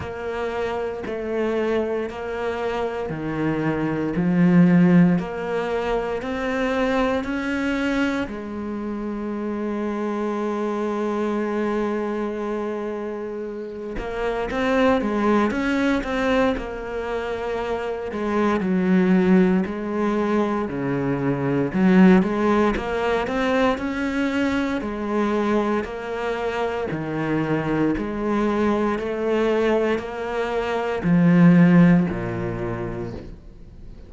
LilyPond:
\new Staff \with { instrumentName = "cello" } { \time 4/4 \tempo 4 = 58 ais4 a4 ais4 dis4 | f4 ais4 c'4 cis'4 | gis1~ | gis4. ais8 c'8 gis8 cis'8 c'8 |
ais4. gis8 fis4 gis4 | cis4 fis8 gis8 ais8 c'8 cis'4 | gis4 ais4 dis4 gis4 | a4 ais4 f4 ais,4 | }